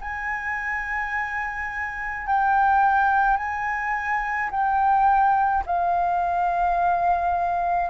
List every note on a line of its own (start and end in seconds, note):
0.00 2.26 G#5
2.26 3.37 G5
3.37 4.50 G#5
4.50 5.63 G5
5.66 7.89 F5